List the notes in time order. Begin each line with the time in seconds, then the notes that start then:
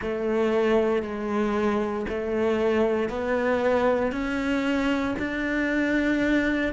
0.01 A3
1.02 G#3
2.08 A3
3.08 B3
4.11 C#4
5.18 D4